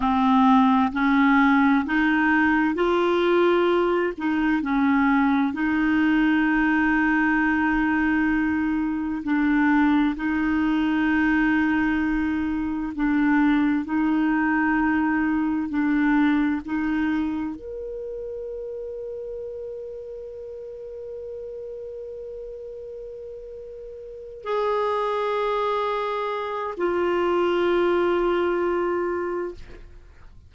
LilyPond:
\new Staff \with { instrumentName = "clarinet" } { \time 4/4 \tempo 4 = 65 c'4 cis'4 dis'4 f'4~ | f'8 dis'8 cis'4 dis'2~ | dis'2 d'4 dis'4~ | dis'2 d'4 dis'4~ |
dis'4 d'4 dis'4 ais'4~ | ais'1~ | ais'2~ ais'8 gis'4.~ | gis'4 f'2. | }